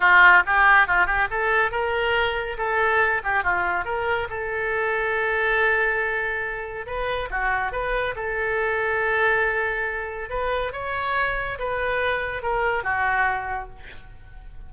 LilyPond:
\new Staff \with { instrumentName = "oboe" } { \time 4/4 \tempo 4 = 140 f'4 g'4 f'8 g'8 a'4 | ais'2 a'4. g'8 | f'4 ais'4 a'2~ | a'1 |
b'4 fis'4 b'4 a'4~ | a'1 | b'4 cis''2 b'4~ | b'4 ais'4 fis'2 | }